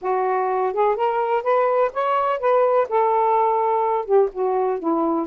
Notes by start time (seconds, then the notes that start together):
0.01 F#4
0.73 G#4
0.96 A#4
1.43 B4
1.93 C#5
2.39 B4
2.88 A4
4.05 G4
4.32 F#4
4.79 E4